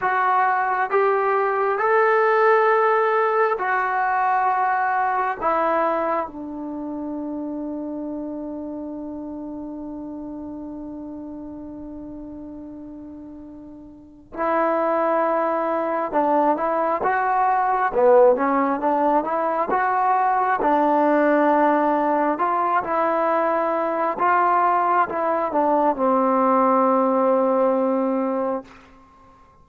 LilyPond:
\new Staff \with { instrumentName = "trombone" } { \time 4/4 \tempo 4 = 67 fis'4 g'4 a'2 | fis'2 e'4 d'4~ | d'1~ | d'1 |
e'2 d'8 e'8 fis'4 | b8 cis'8 d'8 e'8 fis'4 d'4~ | d'4 f'8 e'4. f'4 | e'8 d'8 c'2. | }